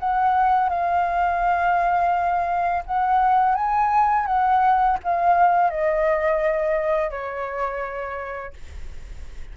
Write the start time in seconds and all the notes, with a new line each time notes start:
0.00 F#5
0.69 F5
2.86 F#5
3.55 G#5
4.26 F#5
5.04 F5
5.70 D#5
7.11 C#5